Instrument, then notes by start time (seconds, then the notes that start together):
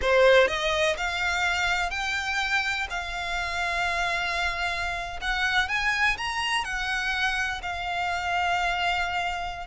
violin
0.01 C5
0.47 D#5
0.97 F5
1.90 G5
2.89 F5
5.21 F#5
5.68 G#5
6.17 A#5
6.64 F#5
7.62 F5